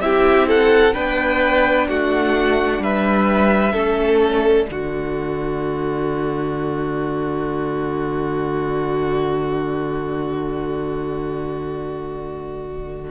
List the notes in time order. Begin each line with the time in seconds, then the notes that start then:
0.00 C4 E4 G4 E5
0.48 A4 F#5
0.93 B3 D4 B4 G5
1.89 A3 F#4 F#5
2.79 G3 B4 E5
3.73 A3 C#4 A4
4.22 D5
4.67 D3 A3 F#4